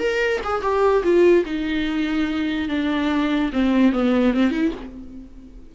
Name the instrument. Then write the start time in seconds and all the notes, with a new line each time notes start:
viola
0.00 A#4
0.44 G#4
0.62 G4
1.04 F4
1.46 D#4
2.69 D4
3.53 C4
3.93 B3
4.34 C4
4.51 E4